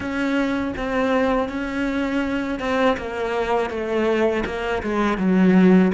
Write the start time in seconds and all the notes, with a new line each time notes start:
0.00 C#4
0.76 C4
1.48 C#4
2.59 C4
2.97 A#3
3.69 A3
4.45 A#3
4.82 G#3
5.17 F#3